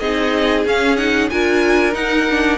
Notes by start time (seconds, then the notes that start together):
0.00 C4 D#4 G#4 D#5
0.66 C#4 F5
0.97 D#4 F#5
1.30 D4 F4 A#4 G#5
1.92 D#4 F#5
2.30 D4